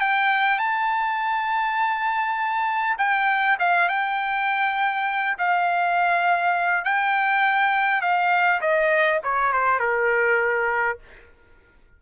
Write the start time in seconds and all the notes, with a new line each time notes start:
0.00 G5
0.58 A5
2.98 G5
3.59 F5
3.88 G5
5.38 F5
6.84 G5
8.01 F5
8.61 D#5
9.23 C#5
9.52 C5
9.79 A#4